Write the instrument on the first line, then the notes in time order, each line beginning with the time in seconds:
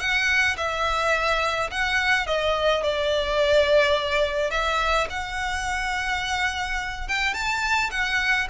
violin
0.00 F#5
0.57 E5
1.71 F#5
2.27 D#5
2.84 D5
4.51 E5
5.10 F#5
7.08 G5
7.34 A5
7.91 F#5